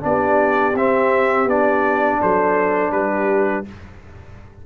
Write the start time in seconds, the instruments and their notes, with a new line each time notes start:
0.00 tuba B3, trombone D4, trumpet D5
0.07 horn G4
0.74 tuba C4, trombone C4, trumpet E5
1.45 tuba B3, trombone D4, trumpet D5
2.21 tuba F#3, horn A4, trumpet C5
2.91 tuba G3, horn G4, trumpet B4